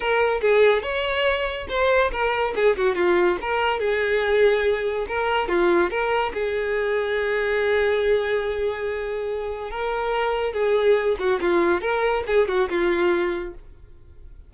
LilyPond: \new Staff \with { instrumentName = "violin" } { \time 4/4 \tempo 4 = 142 ais'4 gis'4 cis''2 | c''4 ais'4 gis'8 fis'8 f'4 | ais'4 gis'2. | ais'4 f'4 ais'4 gis'4~ |
gis'1~ | gis'2. ais'4~ | ais'4 gis'4. fis'8 f'4 | ais'4 gis'8 fis'8 f'2 | }